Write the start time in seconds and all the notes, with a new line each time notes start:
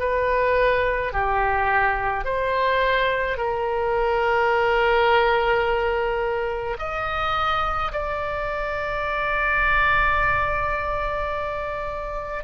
0.00 B4
1.13 G4
2.25 C5
3.38 A#4
6.79 D#5
7.92 D5